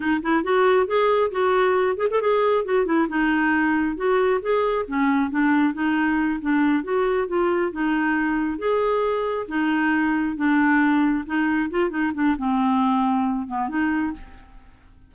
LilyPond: \new Staff \with { instrumentName = "clarinet" } { \time 4/4 \tempo 4 = 136 dis'8 e'8 fis'4 gis'4 fis'4~ | fis'8 gis'16 a'16 gis'4 fis'8 e'8 dis'4~ | dis'4 fis'4 gis'4 cis'4 | d'4 dis'4. d'4 fis'8~ |
fis'8 f'4 dis'2 gis'8~ | gis'4. dis'2 d'8~ | d'4. dis'4 f'8 dis'8 d'8 | c'2~ c'8 b8 dis'4 | }